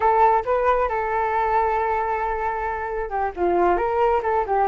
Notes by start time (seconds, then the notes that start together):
0.00 A4
0.45 B4
0.88 A4
3.09 G4
3.36 F4
3.77 A#4
4.23 A4
4.46 G4